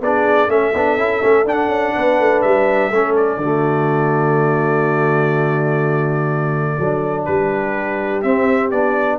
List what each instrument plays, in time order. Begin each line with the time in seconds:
0.00 tuba B3, trombone D4, horn G#4, trumpet D5
0.47 tuba A3, trombone C#4, horn A4, trumpet E5
0.74 tuba B3, trombone D4
0.96 tuba C#4, trombone E4
1.21 tuba A3, trombone C#4
1.44 tuba D4, trombone D4, trumpet F#5
1.68 tuba C#4
1.94 tuba B3, horn B4
2.19 tuba A3
2.41 tuba G3, trumpet E5
2.91 tuba A3, trombone C#4, horn A4
3.16 trumpet D5
3.36 tuba D3, trombone A3, horn F#4
6.77 tuba F#3, trombone D4, horn A4
7.25 tuba G3, horn G4, trumpet B4
8.22 tuba C4, trombone C4, trumpet E5
8.71 tuba B3, trombone D4, trumpet D5